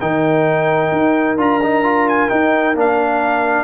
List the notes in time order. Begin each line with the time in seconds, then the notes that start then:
0.00 D#3 D#4 A#4 G5
0.92 D#4
1.37 D4 F4 A#5
1.62 D#4
1.83 F4
2.08 G#5
2.29 D#4 G5
2.75 A#3 D4 F5